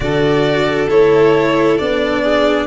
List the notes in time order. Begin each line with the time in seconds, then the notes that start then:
0.00 D3 F#4 A4 D5
0.88 A3 E4 C#5
1.78 B3 D4 D5
2.22 G#4